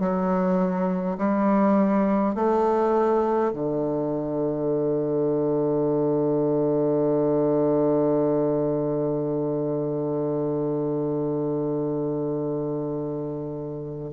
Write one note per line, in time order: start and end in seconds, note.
0.00 1.18 F#3
1.18 2.35 G3
2.35 3.53 A3
3.53 14.12 D3